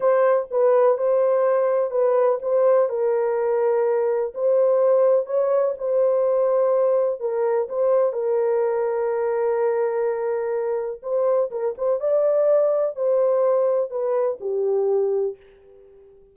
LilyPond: \new Staff \with { instrumentName = "horn" } { \time 4/4 \tempo 4 = 125 c''4 b'4 c''2 | b'4 c''4 ais'2~ | ais'4 c''2 cis''4 | c''2. ais'4 |
c''4 ais'2.~ | ais'2. c''4 | ais'8 c''8 d''2 c''4~ | c''4 b'4 g'2 | }